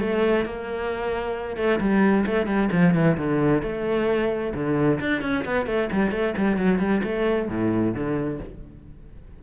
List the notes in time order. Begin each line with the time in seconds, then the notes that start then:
0.00 A3
0.45 A#3
1.56 A3
1.80 G3
2.26 A3
2.46 G3
2.71 F3
2.94 E3
3.17 D3
3.62 A3
4.54 D3
5.00 D4
5.21 C#4
5.45 B3
5.66 A3
5.92 G3
6.11 A3
6.37 G3
6.57 F#3
6.79 G3
7.03 A3
7.48 A2
7.94 D3